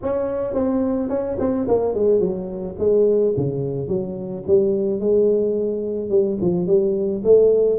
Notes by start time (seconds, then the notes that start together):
0.02 C#4
0.54 C4
1.09 C#4
1.39 C4
1.68 A#3
1.94 G#3
2.19 F#3
2.79 G#3
3.36 C#3
3.88 F#3
4.47 G3
5.00 G#3
6.09 G3
6.41 F3
6.67 G3
7.23 A3